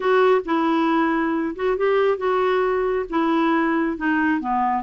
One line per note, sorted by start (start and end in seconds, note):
0.00 0.41 F#4
0.45 1.55 E4
1.55 1.77 F#4
1.77 2.17 G4
2.17 3.05 F#4
3.09 3.97 E4
3.97 4.40 D#4
4.40 4.83 B3